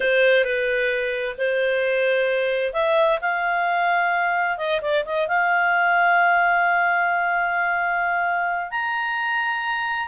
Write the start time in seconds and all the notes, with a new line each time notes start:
0.00 C5
0.44 B4
1.38 C5
2.73 E5
3.21 F5
4.57 D#5
4.81 D5
5.05 D#5
5.28 F5
8.70 A#5